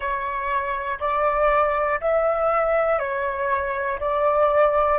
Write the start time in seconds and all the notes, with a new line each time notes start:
0.00 C#5
1.00 D5
2.00 E5
2.99 C#5
4.00 D5